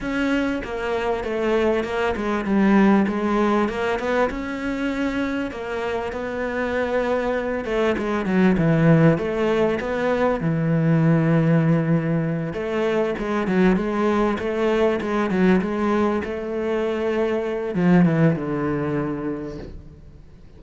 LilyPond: \new Staff \with { instrumentName = "cello" } { \time 4/4 \tempo 4 = 98 cis'4 ais4 a4 ais8 gis8 | g4 gis4 ais8 b8 cis'4~ | cis'4 ais4 b2~ | b8 a8 gis8 fis8 e4 a4 |
b4 e2.~ | e8 a4 gis8 fis8 gis4 a8~ | a8 gis8 fis8 gis4 a4.~ | a4 f8 e8 d2 | }